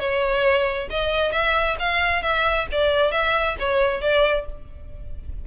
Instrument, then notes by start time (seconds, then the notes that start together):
violin
0.00 C#5
0.90 D#5
1.33 E5
1.80 F5
2.23 E5
2.72 D5
3.12 E5
3.60 C#5
4.01 D5